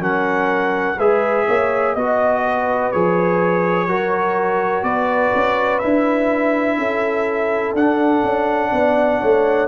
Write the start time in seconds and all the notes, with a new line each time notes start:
0.00 F#3 C#4 A#4 F#5
0.98 G#3 G#4 B4 E5
1.47 A#3 C#5
1.94 B3 F#4 D#5
2.45 B4
2.92 F3 G#4 C#5
3.88 F#3 F#4 A#4
4.83 B3 B4 D5
5.35 C#4
5.79 D4 E4 E5
6.78 C#4 A4
7.74 D4 F#5
8.24 C#4
8.73 B3 D5
9.21 A3 C#5